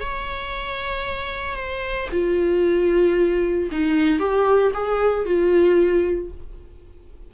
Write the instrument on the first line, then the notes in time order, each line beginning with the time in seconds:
viola
0.00 C#5
1.56 C5
2.12 F4
3.71 D#4
4.19 G4
4.74 G#4
5.25 F4